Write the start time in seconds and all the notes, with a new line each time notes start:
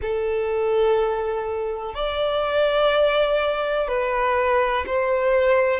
0.01 A4
1.94 D5
3.88 B4
4.86 C5